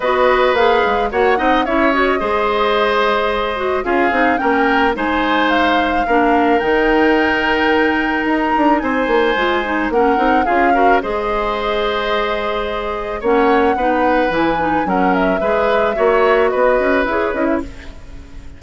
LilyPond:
<<
  \new Staff \with { instrumentName = "flute" } { \time 4/4 \tempo 4 = 109 dis''4 f''4 fis''4 e''8 dis''8~ | dis''2. f''4 | g''4 gis''4 f''2 | g''2. ais''4 |
gis''2 fis''4 f''4 | dis''1 | fis''2 gis''4 fis''8 e''8~ | e''2 dis''4 cis''8 dis''16 e''16 | }
  \new Staff \with { instrumentName = "oboe" } { \time 4/4 b'2 cis''8 dis''8 cis''4 | c''2. gis'4 | ais'4 c''2 ais'4~ | ais'1 |
c''2 ais'4 gis'8 ais'8 | c''1 | cis''4 b'2 ais'4 | b'4 cis''4 b'2 | }
  \new Staff \with { instrumentName = "clarinet" } { \time 4/4 fis'4 gis'4 fis'8 dis'8 e'8 fis'8 | gis'2~ gis'8 fis'8 f'8 dis'8 | cis'4 dis'2 d'4 | dis'1~ |
dis'4 f'8 dis'8 cis'8 dis'8 f'8 fis'8 | gis'1 | cis'4 dis'4 e'8 dis'8 cis'4 | gis'4 fis'2 gis'8 e'8 | }
  \new Staff \with { instrumentName = "bassoon" } { \time 4/4 b4 ais8 gis8 ais8 c'8 cis'4 | gis2. cis'8 c'8 | ais4 gis2 ais4 | dis2. dis'8 d'8 |
c'8 ais8 gis4 ais8 c'8 cis'4 | gis1 | ais4 b4 e4 fis4 | gis4 ais4 b8 cis'8 e'8 cis'8 | }
>>